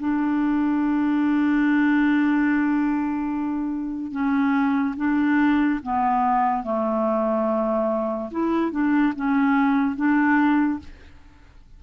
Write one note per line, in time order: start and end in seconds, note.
0.00 4.12 D4
4.12 4.95 C#4
4.97 5.80 D4
5.83 6.64 B3
6.64 8.30 A3
8.31 8.72 E4
8.72 9.13 D4
9.16 9.96 C#4
9.96 10.80 D4